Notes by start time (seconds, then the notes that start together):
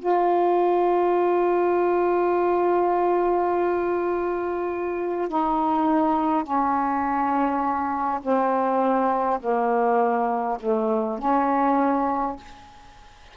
0.00 F4
5.29 D#4
6.44 C#4
8.22 C4
9.41 A#3
10.60 A3
11.19 C#4